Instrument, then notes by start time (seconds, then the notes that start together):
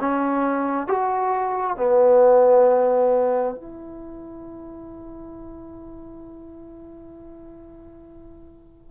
trombone
0.00 C#4
0.87 F#4
1.77 B3
3.55 E4